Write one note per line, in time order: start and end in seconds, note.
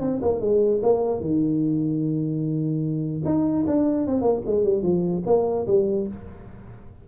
0.00 0.20 C4
0.21 0.40 A#3
0.40 0.81 G#3
0.82 1.20 A#3
1.20 3.22 D#3
3.25 3.65 D#4
3.67 4.07 D4
4.07 4.21 C4
4.21 4.41 A#3
4.46 4.64 G#3
4.64 4.82 G3
4.82 5.23 F3
5.26 5.66 A#3
5.67 6.07 G3